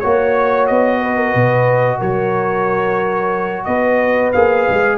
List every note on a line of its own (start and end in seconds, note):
0.00 0.70 A#3
0.00 4.35 F#4
0.00 0.67 C#5
0.00 1.00 C#5
0.67 1.35 B3
0.67 2.01 D#5
1.03 1.17 B4
1.17 1.30 A#4
1.30 2.02 B2
1.30 1.97 B4
1.99 3.67 F#3
1.99 3.66 A#4
1.99 3.65 C#5
3.65 4.34 B3
3.65 4.98 B4
3.65 4.31 D#5
4.32 4.68 A#3
4.32 4.98 G#4
4.32 4.98 F5
4.70 4.98 G#3